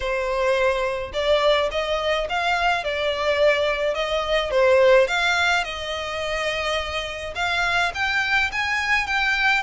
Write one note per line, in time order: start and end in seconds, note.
0.00 1.12 C5
1.13 1.69 D5
1.71 2.27 D#5
2.29 2.84 F5
2.84 3.94 D5
3.94 4.51 D#5
4.51 5.07 C5
5.07 5.64 F5
5.64 7.34 D#5
7.35 7.91 F5
7.94 8.51 G5
8.52 9.06 G#5
9.06 9.63 G5